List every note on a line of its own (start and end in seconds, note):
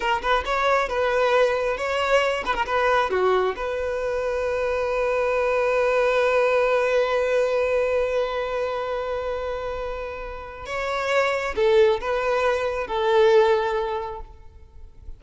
0.00 0.21 A#4
0.21 0.44 B4
0.45 0.88 C#5
0.88 1.77 B4
1.77 2.43 C#5
2.45 2.54 B4
2.54 2.65 A#4
2.65 3.10 B4
3.10 3.55 F#4
3.56 10.65 B4
10.65 11.54 C#5
11.55 12.00 A4
12.00 12.87 B4
12.87 14.20 A4